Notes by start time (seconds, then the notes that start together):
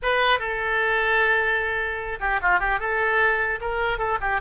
0.02 B4
0.39 A4
2.19 G4
2.42 F4
2.59 G4
2.79 A4
3.61 A#4
3.98 A4
4.20 G4